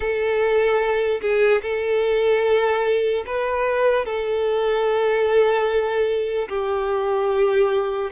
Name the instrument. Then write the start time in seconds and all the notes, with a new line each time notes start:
violin
0.00 A4
1.21 G#4
1.62 A4
3.26 B4
4.05 A4
6.48 G4